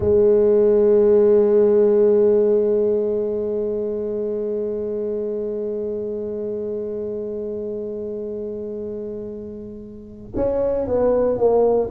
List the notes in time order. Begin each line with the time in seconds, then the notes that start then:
0.00 G#3
10.35 C#4
10.87 B3
11.37 A#3